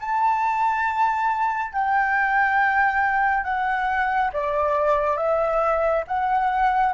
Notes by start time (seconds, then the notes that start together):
0.00 A5
1.73 G5
3.44 F#5
4.33 D5
5.17 E5
6.08 F#5